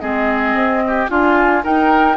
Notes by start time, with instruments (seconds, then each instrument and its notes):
0.00 bassoon G#3, clarinet C4, oboe G#4, flute D#5
0.54 bassoon C4
0.87 oboe G4
1.08 bassoon D4, clarinet F4, oboe F4, flute G#5
1.63 clarinet D#4, bassoon D#4, oboe A#4, flute G5